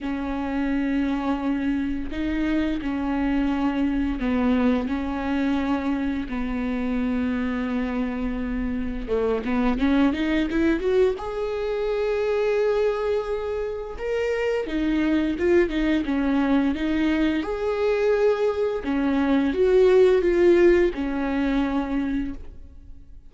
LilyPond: \new Staff \with { instrumentName = "viola" } { \time 4/4 \tempo 4 = 86 cis'2. dis'4 | cis'2 b4 cis'4~ | cis'4 b2.~ | b4 a8 b8 cis'8 dis'8 e'8 fis'8 |
gis'1 | ais'4 dis'4 f'8 dis'8 cis'4 | dis'4 gis'2 cis'4 | fis'4 f'4 cis'2 | }